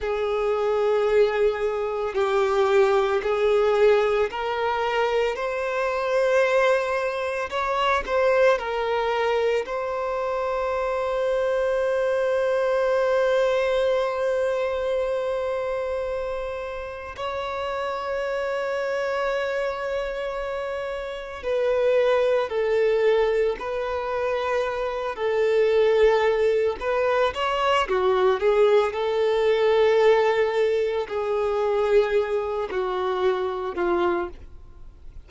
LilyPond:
\new Staff \with { instrumentName = "violin" } { \time 4/4 \tempo 4 = 56 gis'2 g'4 gis'4 | ais'4 c''2 cis''8 c''8 | ais'4 c''2.~ | c''1 |
cis''1 | b'4 a'4 b'4. a'8~ | a'4 b'8 cis''8 fis'8 gis'8 a'4~ | a'4 gis'4. fis'4 f'8 | }